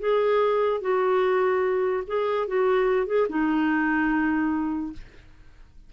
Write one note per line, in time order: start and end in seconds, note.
0.00 0.82 G#4
0.82 2.04 F#4
2.07 2.48 G#4
2.48 3.07 F#4
3.07 3.27 G#4
3.30 4.93 D#4